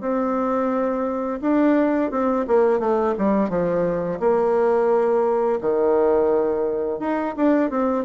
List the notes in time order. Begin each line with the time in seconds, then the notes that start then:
0.00 C4
1.41 D4
2.11 C4
2.47 A#3
2.79 A3
3.18 G3
3.49 F3
4.19 A#3
5.61 D#3
6.99 D#4
7.36 D4
7.70 C4